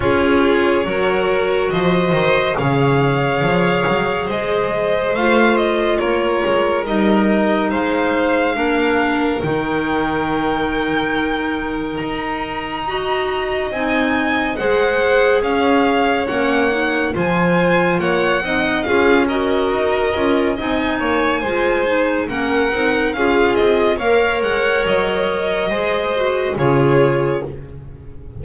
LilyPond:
<<
  \new Staff \with { instrumentName = "violin" } { \time 4/4 \tempo 4 = 70 cis''2 dis''4 f''4~ | f''4 dis''4 f''8 dis''8 cis''4 | dis''4 f''2 g''4~ | g''2 ais''2 |
gis''4 fis''4 f''4 fis''4 | gis''4 fis''4 f''8 dis''4. | gis''2 fis''4 f''8 dis''8 | f''8 fis''8 dis''2 cis''4 | }
  \new Staff \with { instrumentName = "violin" } { \time 4/4 gis'4 ais'4 c''4 cis''4~ | cis''4 c''2 ais'4~ | ais'4 c''4 ais'2~ | ais'2. dis''4~ |
dis''4 c''4 cis''2 | c''4 cis''8 dis''8 gis'8 ais'4. | dis''8 cis''8 c''4 ais'4 gis'4 | cis''2 c''4 gis'4 | }
  \new Staff \with { instrumentName = "clarinet" } { \time 4/4 f'4 fis'2 gis'4~ | gis'2 f'2 | dis'2 d'4 dis'4~ | dis'2. fis'4 |
dis'4 gis'2 cis'8 dis'8 | f'4. dis'8 f'8 fis'4 f'8 | dis'4 f'8 dis'8 cis'8 dis'8 f'4 | ais'2 gis'8 fis'8 f'4 | }
  \new Staff \with { instrumentName = "double bass" } { \time 4/4 cis'4 fis4 f8 dis8 cis4 | f8 fis8 gis4 a4 ais8 gis8 | g4 gis4 ais4 dis4~ | dis2 dis'2 |
c'4 gis4 cis'4 ais4 | f4 ais8 c'8 cis'4 dis'8 cis'8 | c'8 ais8 gis4 ais8 c'8 cis'8 c'8 | ais8 gis8 fis4 gis4 cis4 | }
>>